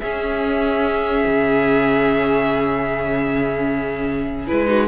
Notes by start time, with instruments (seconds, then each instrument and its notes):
0.00 cello C#4, viola C#4, violin G#4 E5
1.27 cello C#3
4.48 cello G#3, viola E4, violin B4
4.67 viola D#4, violin F#4